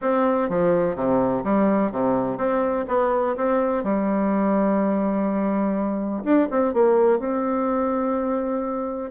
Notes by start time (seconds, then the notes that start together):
0.01 C4
0.49 F3
0.95 C3
1.44 G3
1.91 C3
2.37 C4
2.88 B3
3.36 C4
3.83 G3
6.24 D4
6.50 C4
6.73 A#3
7.19 C4